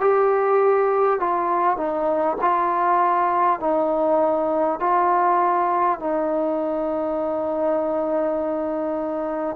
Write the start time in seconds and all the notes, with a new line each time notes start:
0.00 G4
1.19 F4
1.77 D#4
2.41 F4
3.60 D#4
4.80 F4
5.99 D#4